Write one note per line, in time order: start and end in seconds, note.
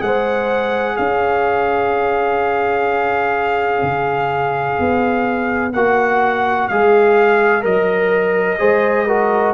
0.00 0.98 G#3
0.00 5.71 G#4
0.00 0.98 C5
0.00 0.97 F#5
0.97 3.83 C#4
0.97 8.59 C#5
0.97 5.73 F5
3.83 4.78 C#3
4.79 5.74 B3
5.73 6.69 A#3
5.73 6.71 F#4
5.73 6.68 F#5
6.68 7.64 G#3
6.68 7.62 G#4
6.68 7.64 F5
7.62 8.59 F#3
7.62 8.57 A#4
7.62 9.54 D#5
8.59 9.54 G#3
8.59 9.06 G#4
8.59 9.07 C5
9.07 9.54 F#4
9.07 9.54 A#4